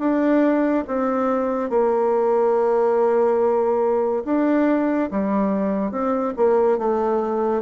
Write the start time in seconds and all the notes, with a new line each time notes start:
0.00 D4
0.88 C4
1.71 A#3
4.25 D4
5.11 G3
5.92 C4
6.37 A#3
6.79 A3